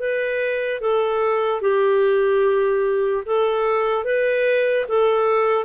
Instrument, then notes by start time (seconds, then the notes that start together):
clarinet
0.00 B4
0.81 A4
1.61 G4
3.26 A4
4.05 B4
4.89 A4